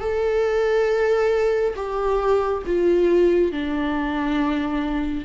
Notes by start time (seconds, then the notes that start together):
0.00 A4
1.75 G4
2.66 F4
3.51 D4